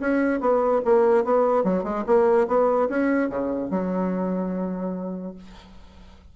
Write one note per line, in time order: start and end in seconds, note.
0.00 0.40 C#4
0.40 0.81 B3
0.84 1.24 A#3
1.24 1.64 B3
1.64 1.83 F#3
1.83 2.04 G#3
2.06 2.47 A#3
2.47 2.88 B3
2.89 3.29 C#4
3.29 3.70 C#3
3.70 5.34 F#3